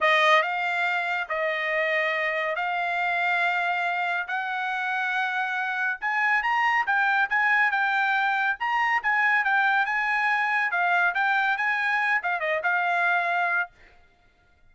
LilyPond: \new Staff \with { instrumentName = "trumpet" } { \time 4/4 \tempo 4 = 140 dis''4 f''2 dis''4~ | dis''2 f''2~ | f''2 fis''2~ | fis''2 gis''4 ais''4 |
g''4 gis''4 g''2 | ais''4 gis''4 g''4 gis''4~ | gis''4 f''4 g''4 gis''4~ | gis''8 f''8 dis''8 f''2~ f''8 | }